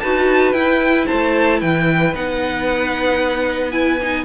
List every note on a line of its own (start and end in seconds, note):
0.00 0.53 D#4
0.00 0.54 F#4
0.00 1.07 B4
0.00 0.52 A5
0.52 1.06 E4
0.52 2.13 E4
0.52 1.05 G5
1.07 1.62 A3
1.07 1.59 C5
1.07 1.60 A5
1.59 2.14 E3
1.59 4.24 B4
1.59 2.14 G5
2.14 4.25 B3
2.14 3.72 D#4
2.14 3.71 F#5
3.71 3.99 E4
3.71 4.24 G#5
4.02 4.25 D#4